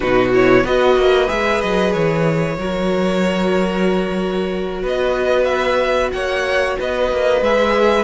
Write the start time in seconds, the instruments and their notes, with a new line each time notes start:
0.00 cello B2, viola D#4, violin F#4 B4
0.33 viola E4, violin C#5
0.63 cello B3, viola F#4, violin B4 D#5
0.96 cello A#3
1.27 cello G#3, viola G#4, violin E5
1.61 cello F#3, violin D#5
1.92 cello E3, violin C#5
2.57 cello F#3, viola F#4, violin A#4
4.82 cello B3, violin B4 D#5
5.44 violin E5
6.12 cello A#3, violin C#5 F#5
6.79 cello B3, violin B4 D#5
7.11 cello A#3
7.41 cello G#3, viola G#4, violin E5